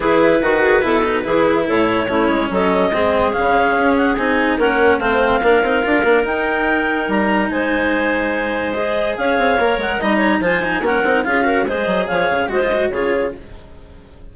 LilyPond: <<
  \new Staff \with { instrumentName = "clarinet" } { \time 4/4 \tempo 4 = 144 b'1 | cis''2 dis''2 | f''4. fis''8 gis''4 fis''4 | f''2. g''4~ |
g''4 ais''4 gis''2~ | gis''4 dis''4 f''4. fis''8 | ais''4 gis''4 fis''4 f''4 | dis''4 f''4 dis''4 cis''4 | }
  \new Staff \with { instrumentName = "clarinet" } { \time 4/4 gis'4 fis'8 gis'8 a'4 gis'4 | a'4 e'4 a'4 gis'4~ | gis'2. ais'4 | c''4 ais'2.~ |
ais'2 c''2~ | c''2 cis''2 | dis''8 cis''8 c''4 ais'4 gis'8 ais'8 | c''4 cis''4 c''4 gis'4 | }
  \new Staff \with { instrumentName = "cello" } { \time 4/4 e'4 fis'4 e'8 dis'8 e'4~ | e'4 cis'2 c'4 | cis'2 dis'4 cis'4 | c'4 d'8 dis'8 f'8 d'8 dis'4~ |
dis'1~ | dis'4 gis'2 ais'4 | dis'4 f'8 dis'8 cis'8 dis'8 f'8 fis'8 | gis'2 fis'16 f'16 fis'8 f'4 | }
  \new Staff \with { instrumentName = "bassoon" } { \time 4/4 e4 dis4 b,4 e4 | a,4 a8 gis8 fis4 gis4 | cis4 cis'4 c'4 ais4 | a4 ais8 c'8 d'8 ais8 dis'4~ |
dis'4 g4 gis2~ | gis2 cis'8 c'8 ais8 gis8 | g4 f4 ais8 c'8 cis'4 | gis8 fis8 f8 cis8 gis4 cis4 | }
>>